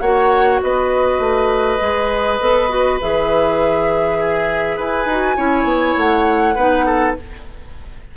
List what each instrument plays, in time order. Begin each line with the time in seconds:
0.00 bassoon A#3, clarinet F#4, oboe C#5, flute F#5
0.62 bassoon B3, oboe B4, flute D#5
1.19 bassoon A3
1.80 bassoon G#3, clarinet G#4
2.40 bassoon B3, clarinet A4
2.69 clarinet F#4
3.01 bassoon E3, clarinet G#4, flute E5
4.19 oboe G#4
4.76 bassoon E4, oboe B4, flute G#5
5.05 bassoon D#4, clarinet F#4
5.36 bassoon C#4, clarinet E4, oboe C#5
5.64 bassoon B3
5.97 bassoon A3, flute F#5
6.55 bassoon B3, clarinet D#4, oboe B4
6.86 oboe A4